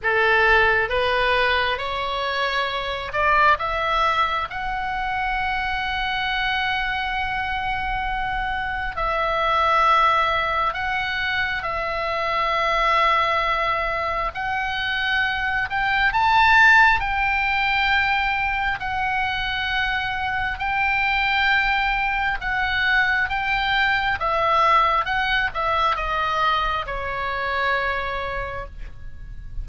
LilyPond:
\new Staff \with { instrumentName = "oboe" } { \time 4/4 \tempo 4 = 67 a'4 b'4 cis''4. d''8 | e''4 fis''2.~ | fis''2 e''2 | fis''4 e''2. |
fis''4. g''8 a''4 g''4~ | g''4 fis''2 g''4~ | g''4 fis''4 g''4 e''4 | fis''8 e''8 dis''4 cis''2 | }